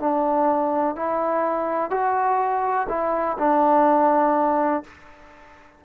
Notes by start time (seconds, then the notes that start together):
0.00 D4
0.96 E4
1.90 F#4
2.89 E4
3.39 D4